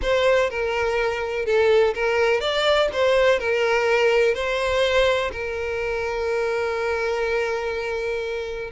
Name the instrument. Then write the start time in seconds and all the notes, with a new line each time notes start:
violin
0.02 C5
0.50 A#4
1.45 A4
1.94 A#4
2.40 D5
2.92 C5
3.39 A#4
4.34 C5
5.32 A#4